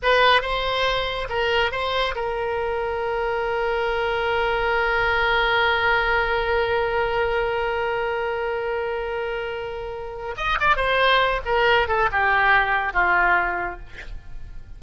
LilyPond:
\new Staff \with { instrumentName = "oboe" } { \time 4/4 \tempo 4 = 139 b'4 c''2 ais'4 | c''4 ais'2.~ | ais'1~ | ais'1~ |
ais'1~ | ais'1 | dis''8 d''8 c''4. ais'4 a'8 | g'2 f'2 | }